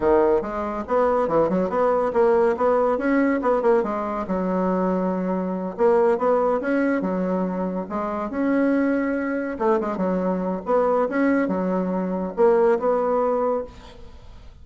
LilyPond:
\new Staff \with { instrumentName = "bassoon" } { \time 4/4 \tempo 4 = 141 dis4 gis4 b4 e8 fis8 | b4 ais4 b4 cis'4 | b8 ais8 gis4 fis2~ | fis4. ais4 b4 cis'8~ |
cis'8 fis2 gis4 cis'8~ | cis'2~ cis'8 a8 gis8 fis8~ | fis4 b4 cis'4 fis4~ | fis4 ais4 b2 | }